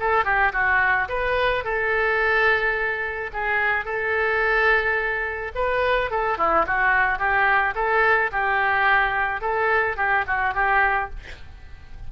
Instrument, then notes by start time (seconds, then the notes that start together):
oboe
0.00 A4
0.25 G4
0.53 F#4
1.09 B4
1.64 A4
3.33 G#4
3.86 A4
5.56 B4
6.11 A4
6.38 E4
6.67 F#4
7.19 G4
7.76 A4
8.32 G4
9.41 A4
9.97 G4
10.27 F#4
10.55 G4